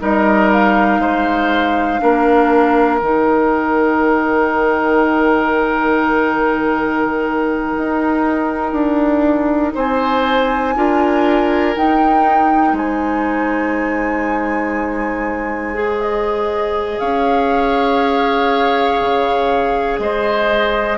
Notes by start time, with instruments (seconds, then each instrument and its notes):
0.00 bassoon G3, clarinet D#4, oboe A#4, flute D#5
0.53 flute F5
0.99 bassoon G#3, oboe C5
2.00 bassoon A#3, clarinet D4, oboe A#4
2.99 bassoon D#3, clarinet D#4, flute G5
7.77 bassoon D#4
8.73 bassoon D4
9.75 bassoon C4, oboe C5, flute G#5
10.76 bassoon D4, clarinet F4, oboe A#4
11.75 clarinet D#4, bassoon D#4, flute G5
12.73 bassoon G#3, oboe C5, flute G#5
15.75 clarinet G#4
16.00 flute D#5
16.99 bassoon C#4, oboe C#5, flute F5
19.01 bassoon C#3
19.99 bassoon G#3, oboe C5, flute D#5